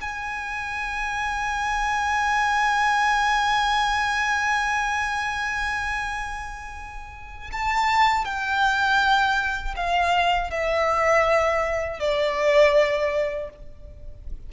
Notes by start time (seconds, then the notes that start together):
0.00 G#5
7.52 A5
8.24 G5
9.76 F5
10.50 E5
11.99 D5